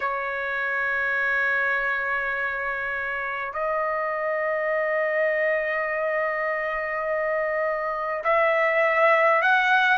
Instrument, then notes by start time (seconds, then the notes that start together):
trumpet
0.00 C#5
3.52 D#5
8.24 E5
9.42 F#5